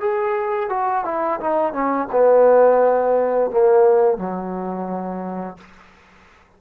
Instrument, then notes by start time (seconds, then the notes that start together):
trombone
0.00 G#4
0.69 F#4
1.05 E4
1.40 D#4
1.73 C#4
2.12 B3
3.50 A#3
4.18 F#3